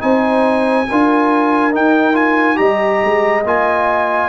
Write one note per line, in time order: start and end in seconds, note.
0.00 0.89 C4
0.00 0.86 D#4
0.00 0.87 C5
0.00 1.73 G#5
0.88 1.76 D4
0.88 1.72 F4
0.88 2.59 A#4
1.72 2.13 D#4
1.72 2.59 D#4
1.72 2.16 G5
2.13 2.56 F4
2.13 2.57 G#5
2.56 3.02 G3
2.56 3.41 G4
2.56 4.29 D#5
2.56 3.43 A#5
3.04 3.44 G#3
3.44 4.29 A#3
3.44 4.29 F4
3.44 4.29 G#5